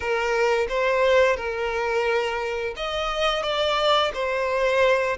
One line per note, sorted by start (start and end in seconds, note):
0.00 0.67 A#4
0.69 1.36 C5
1.36 2.74 A#4
2.76 3.42 D#5
3.42 4.11 D5
4.13 5.17 C5